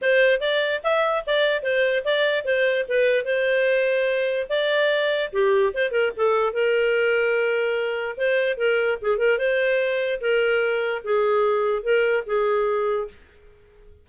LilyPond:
\new Staff \with { instrumentName = "clarinet" } { \time 4/4 \tempo 4 = 147 c''4 d''4 e''4 d''4 | c''4 d''4 c''4 b'4 | c''2. d''4~ | d''4 g'4 c''8 ais'8 a'4 |
ais'1 | c''4 ais'4 gis'8 ais'8 c''4~ | c''4 ais'2 gis'4~ | gis'4 ais'4 gis'2 | }